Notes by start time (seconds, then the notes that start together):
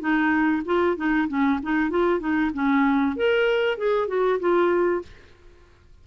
0.00 D#4
0.65 F4
0.96 D#4
1.28 C#4
1.62 D#4
1.90 F4
2.19 D#4
2.53 C#4
3.16 A#4
3.77 G#4
4.08 F#4
4.39 F4